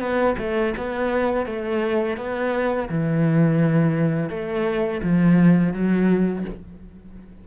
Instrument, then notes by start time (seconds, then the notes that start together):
cello
0.00 B3
0.39 A3
0.78 B3
1.46 A3
2.18 B3
2.90 E3
4.30 A3
5.03 F3
5.73 F#3